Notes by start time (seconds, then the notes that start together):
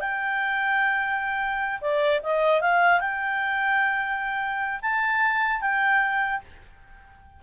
0.00 G5
1.81 D5
2.23 D#5
2.61 F5
3.00 G5
4.82 A5
5.61 G5